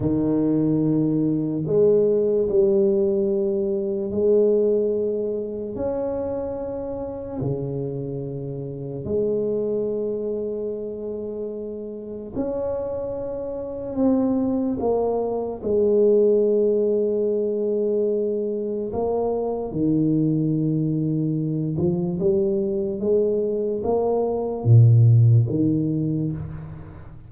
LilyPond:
\new Staff \with { instrumentName = "tuba" } { \time 4/4 \tempo 4 = 73 dis2 gis4 g4~ | g4 gis2 cis'4~ | cis'4 cis2 gis4~ | gis2. cis'4~ |
cis'4 c'4 ais4 gis4~ | gis2. ais4 | dis2~ dis8 f8 g4 | gis4 ais4 ais,4 dis4 | }